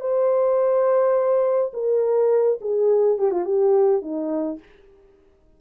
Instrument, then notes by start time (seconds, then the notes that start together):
horn
0.00 C5
1.73 A#4
2.61 G#4
3.18 G4
3.31 F4
3.45 G4
4.02 D#4